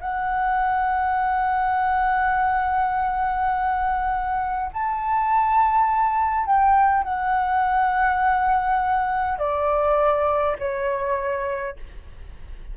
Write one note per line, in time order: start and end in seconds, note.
0.00 4.71 F#5
4.73 6.46 A5
6.46 7.03 G5
7.03 9.39 F#5
9.39 10.56 D5
10.58 11.76 C#5